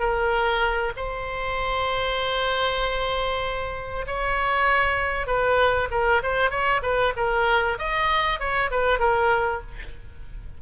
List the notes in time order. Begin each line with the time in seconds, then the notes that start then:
0.00 A#4
0.97 C5
4.07 C#5
5.27 B4
5.91 A#4
6.23 C5
6.51 C#5
6.83 B4
7.17 A#4
7.79 D#5
8.40 C#5
8.71 B4
8.99 A#4